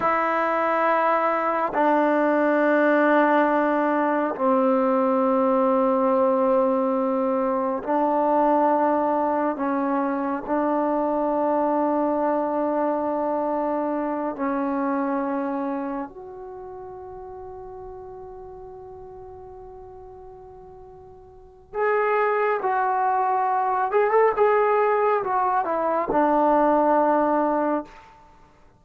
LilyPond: \new Staff \with { instrumentName = "trombone" } { \time 4/4 \tempo 4 = 69 e'2 d'2~ | d'4 c'2.~ | c'4 d'2 cis'4 | d'1~ |
d'8 cis'2 fis'4.~ | fis'1~ | fis'4 gis'4 fis'4. gis'16 a'16 | gis'4 fis'8 e'8 d'2 | }